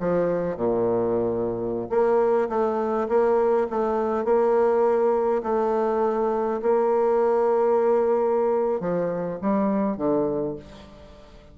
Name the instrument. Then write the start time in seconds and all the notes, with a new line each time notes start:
bassoon
0.00 F3
0.57 A#2
1.90 A#3
2.49 A3
3.09 A#3
3.70 A3
4.25 A#3
5.43 A3
6.62 A#3
8.80 F3
9.41 G3
9.97 D3